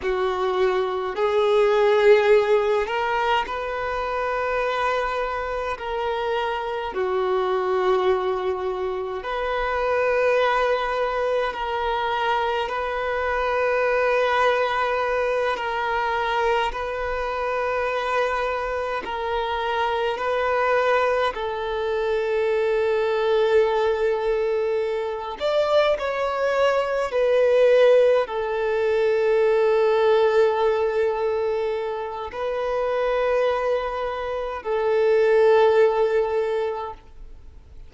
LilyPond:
\new Staff \with { instrumentName = "violin" } { \time 4/4 \tempo 4 = 52 fis'4 gis'4. ais'8 b'4~ | b'4 ais'4 fis'2 | b'2 ais'4 b'4~ | b'4. ais'4 b'4.~ |
b'8 ais'4 b'4 a'4.~ | a'2 d''8 cis''4 b'8~ | b'8 a'2.~ a'8 | b'2 a'2 | }